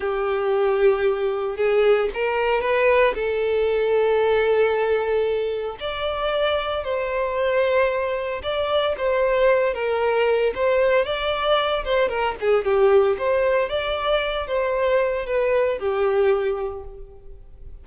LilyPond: \new Staff \with { instrumentName = "violin" } { \time 4/4 \tempo 4 = 114 g'2. gis'4 | ais'4 b'4 a'2~ | a'2. d''4~ | d''4 c''2. |
d''4 c''4. ais'4. | c''4 d''4. c''8 ais'8 gis'8 | g'4 c''4 d''4. c''8~ | c''4 b'4 g'2 | }